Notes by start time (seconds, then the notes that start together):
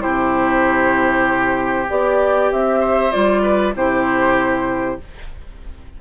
0.00 C3 E4 G4 C5
1.89 B3 G4 D5
2.52 C4 E5
2.81 C5
3.12 G3 F4 D5
3.43 B4
3.75 C3 E4 G4 C5